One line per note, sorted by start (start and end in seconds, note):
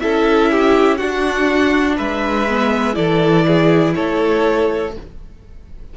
0.00 1.01 C#4
0.00 0.99 E4
0.00 0.51 A4
0.00 0.97 E5
0.51 0.98 G4
0.97 2.48 D4
0.97 1.99 D4
0.97 1.96 F#4
0.97 1.95 F#5
1.97 2.97 G#3
1.97 2.95 B4
1.97 2.95 E5
2.49 2.94 B3
2.94 3.95 E3
2.94 4.90 E4
2.94 3.46 A4
2.94 3.93 D5
3.47 3.95 G#4
3.95 4.97 A3
3.95 4.94 A4
3.95 4.93 C#5